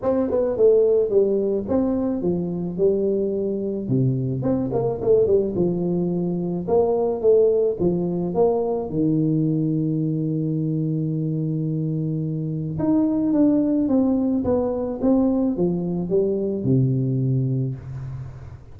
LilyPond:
\new Staff \with { instrumentName = "tuba" } { \time 4/4 \tempo 4 = 108 c'8 b8 a4 g4 c'4 | f4 g2 c4 | c'8 ais8 a8 g8 f2 | ais4 a4 f4 ais4 |
dis1~ | dis2. dis'4 | d'4 c'4 b4 c'4 | f4 g4 c2 | }